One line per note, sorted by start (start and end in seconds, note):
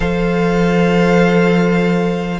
0.00 2.39 F3
0.00 2.39 A4
0.00 2.39 C5
0.00 2.39 F5